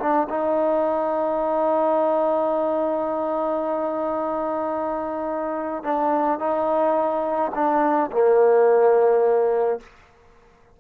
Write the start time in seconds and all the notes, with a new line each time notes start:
0.00 D4
0.30 D#4
5.84 D4
6.40 D#4
7.55 D4
8.12 A#3